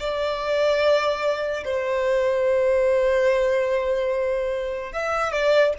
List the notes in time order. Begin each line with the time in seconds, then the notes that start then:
0.00 D5
1.65 C5
4.93 E5
5.33 D5